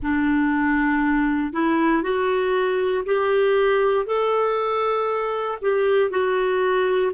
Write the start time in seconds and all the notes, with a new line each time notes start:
0.02 D4
1.53 E4
2.02 F#4
3.05 G4
4.05 A4
5.61 G4
6.10 F#4